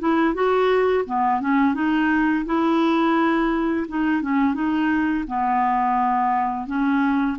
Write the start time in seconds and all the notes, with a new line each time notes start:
0.00 E4
0.35 F#4
1.06 B3
1.41 C#4
1.75 D#4
2.46 E4
3.89 D#4
4.23 C#4
4.55 D#4
5.28 B3
6.67 C#4